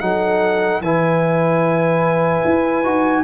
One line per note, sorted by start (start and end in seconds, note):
0.00 0.81 F#3
0.00 0.82 D#4
0.00 0.82 A4
0.00 0.81 F#5
0.81 2.43 E3
0.81 2.84 E4
0.81 3.23 B4
0.81 3.23 G#5
2.44 2.84 E4
2.84 3.23 D#4
2.84 3.23 F#4